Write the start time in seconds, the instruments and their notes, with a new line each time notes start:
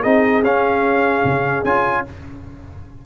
0.00 tuba C4, trombone D#4, horn G#4, trumpet D#5
0.43 tuba C#4, trombone C#4, trumpet F5
1.24 tuba C#3
1.64 tuba C#4, trombone F4, trumpet G#5